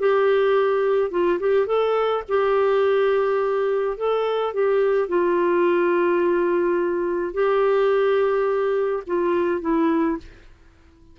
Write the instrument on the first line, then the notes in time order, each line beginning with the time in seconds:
clarinet
0.00 G4
1.11 F4
1.40 G4
1.66 A4
2.29 G4
3.97 A4
4.54 G4
5.08 F4
7.34 G4
9.07 F4
9.61 E4